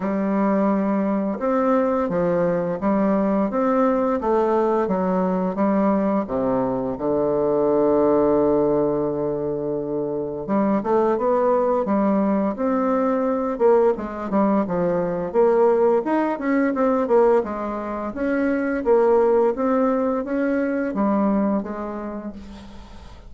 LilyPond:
\new Staff \with { instrumentName = "bassoon" } { \time 4/4 \tempo 4 = 86 g2 c'4 f4 | g4 c'4 a4 fis4 | g4 c4 d2~ | d2. g8 a8 |
b4 g4 c'4. ais8 | gis8 g8 f4 ais4 dis'8 cis'8 | c'8 ais8 gis4 cis'4 ais4 | c'4 cis'4 g4 gis4 | }